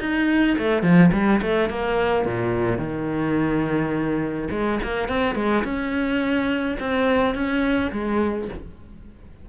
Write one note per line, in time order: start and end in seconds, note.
0.00 0.57 D#4
0.58 0.82 A3
0.82 1.10 F3
1.12 1.40 G3
1.42 1.69 A3
1.69 2.25 A#3
2.25 2.78 A#2
2.78 4.48 D#3
4.51 4.79 G#3
4.83 5.08 A#3
5.08 5.35 C4
5.35 5.63 G#3
5.64 6.77 C#4
6.79 7.34 C4
7.34 7.91 C#4
7.92 8.49 G#3